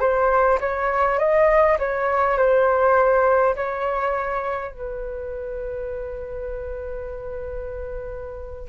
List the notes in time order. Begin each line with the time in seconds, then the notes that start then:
0.00 C5
0.60 C#5
1.19 D#5
1.79 C#5
2.38 C5
3.56 C#5
4.71 B4